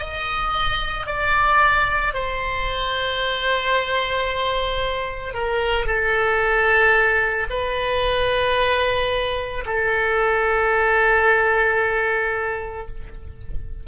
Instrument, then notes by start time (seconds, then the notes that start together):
oboe
0.00 D#5
1.07 D5
2.14 C5
5.34 A#4
5.86 A4
7.50 B4
9.66 A4